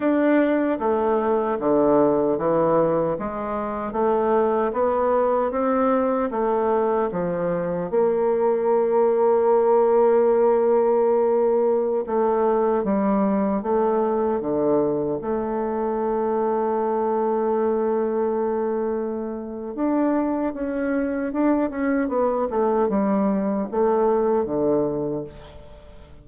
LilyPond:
\new Staff \with { instrumentName = "bassoon" } { \time 4/4 \tempo 4 = 76 d'4 a4 d4 e4 | gis4 a4 b4 c'4 | a4 f4 ais2~ | ais2.~ ais16 a8.~ |
a16 g4 a4 d4 a8.~ | a1~ | a4 d'4 cis'4 d'8 cis'8 | b8 a8 g4 a4 d4 | }